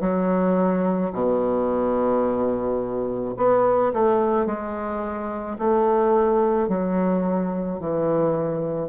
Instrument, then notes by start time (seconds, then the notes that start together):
bassoon
0.00 F#3
1.12 B2
3.36 B3
3.93 A3
4.46 G#3
5.58 A3
6.68 F#3
7.79 E3